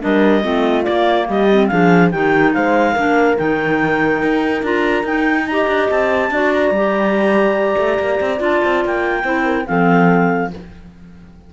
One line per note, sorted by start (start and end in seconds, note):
0.00 0.44 G3
0.00 0.41 D4
0.00 0.43 A#4
0.00 0.84 D#5
0.41 0.86 A3
0.41 0.83 C4
0.41 1.27 F4
0.84 1.48 A#3
0.84 1.28 A#3
0.84 1.26 D5
1.28 1.70 G3
1.28 1.69 G4
1.28 1.67 D#5
1.51 1.71 C4
1.67 2.13 F3
1.67 2.12 D4
1.67 2.11 G#4
1.67 2.09 F5
2.10 2.55 D#3
2.10 2.95 D#4
2.10 2.53 G4
2.10 2.52 G5
2.53 2.96 G#3
2.53 2.92 C5
2.53 3.37 F5
2.92 3.38 A#3
2.92 3.37 D4
2.92 5.44 A#4
3.37 4.22 D#3
3.37 4.63 D#4
3.37 4.63 G5
4.22 4.62 D#4
4.62 5.03 D4
4.62 5.05 F4
4.62 5.06 A#5
5.03 5.66 D#4
5.03 5.47 D#4
5.03 5.46 G5
5.46 6.32 G4
5.46 6.31 D#5
5.46 5.88 A#5
5.67 5.88 D4
5.89 6.30 C4
5.89 6.52 A5
6.30 6.70 D4
6.30 6.74 F#4
6.30 9.23 D5
6.52 8.41 A#5
6.70 7.75 G3
6.70 8.38 G4
7.77 7.98 A3
7.99 8.20 A#3
8.20 8.40 C4
8.38 8.60 D4
8.38 9.22 F4
8.38 8.85 A5
8.64 8.84 C4
8.84 9.23 A#3
8.84 9.66 G5
9.23 9.65 C4
9.23 9.65 E4
9.23 9.44 C5
9.45 9.66 A#4
9.66 10.53 F3
9.66 10.50 C4
9.66 10.52 A4
9.66 10.50 F5